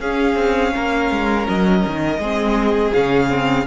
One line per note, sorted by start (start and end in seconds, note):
0.00 0.35 C#4
0.00 2.21 C#4
0.00 0.73 G#4
0.00 1.46 F5
0.35 0.72 C4
0.74 1.10 A#3
0.74 2.20 A#4
1.10 1.47 G#3
1.48 1.85 F#3
1.48 2.93 D#5
1.86 2.18 D#3
2.18 2.91 G#3
2.18 2.94 C4
2.18 3.66 G#4
2.93 3.66 C#3
2.93 3.29 C#4
2.93 3.66 F5
3.29 3.66 C4